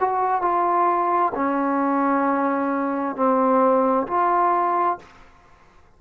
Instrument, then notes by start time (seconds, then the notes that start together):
trombone
0.00 F#4
0.41 F4
1.35 C#4
3.16 C4
4.07 F4